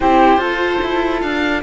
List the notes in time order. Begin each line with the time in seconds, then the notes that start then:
0.00 C4 E4 G4 C5
0.37 F4 A4
0.82 E4
1.21 D4 F5